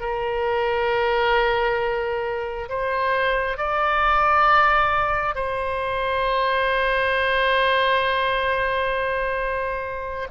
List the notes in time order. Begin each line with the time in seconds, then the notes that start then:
0.00 A#4
2.69 C5
3.57 D5
5.35 C5